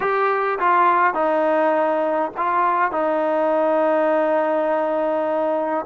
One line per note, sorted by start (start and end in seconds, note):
0.00 0.59 G4
0.59 1.14 F4
1.14 2.31 D#4
2.37 2.91 F4
2.91 5.85 D#4